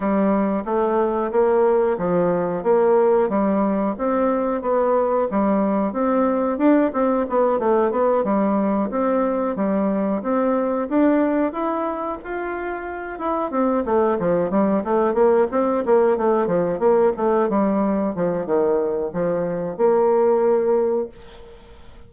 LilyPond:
\new Staff \with { instrumentName = "bassoon" } { \time 4/4 \tempo 4 = 91 g4 a4 ais4 f4 | ais4 g4 c'4 b4 | g4 c'4 d'8 c'8 b8 a8 | b8 g4 c'4 g4 c'8~ |
c'8 d'4 e'4 f'4. | e'8 c'8 a8 f8 g8 a8 ais8 c'8 | ais8 a8 f8 ais8 a8 g4 f8 | dis4 f4 ais2 | }